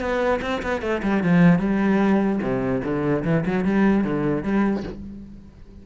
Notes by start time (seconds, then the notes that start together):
0.00 B3
0.42 C4
0.62 B3
0.81 A3
1.03 G3
1.23 F3
1.59 G3
2.42 C3
2.84 D3
3.24 E3
3.46 F#3
3.65 G3
4.04 D3
4.43 G3